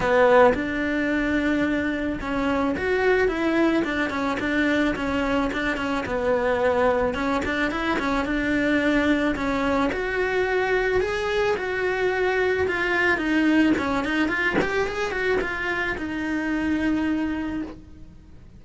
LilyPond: \new Staff \with { instrumentName = "cello" } { \time 4/4 \tempo 4 = 109 b4 d'2. | cis'4 fis'4 e'4 d'8 cis'8 | d'4 cis'4 d'8 cis'8 b4~ | b4 cis'8 d'8 e'8 cis'8 d'4~ |
d'4 cis'4 fis'2 | gis'4 fis'2 f'4 | dis'4 cis'8 dis'8 f'8 g'8 gis'8 fis'8 | f'4 dis'2. | }